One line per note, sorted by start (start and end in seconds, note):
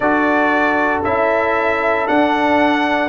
0.00 1.03 D4
0.00 1.04 F#4
0.00 3.08 A4
0.00 1.01 D5
1.03 2.07 C#4
1.03 2.06 E4
1.03 2.07 E5
2.06 3.08 D4
2.06 3.08 F#5